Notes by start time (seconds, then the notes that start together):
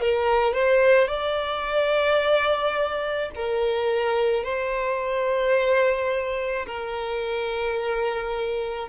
0.00 A#4
0.53 C5
1.08 D5
3.34 A#4
4.43 C5
6.66 A#4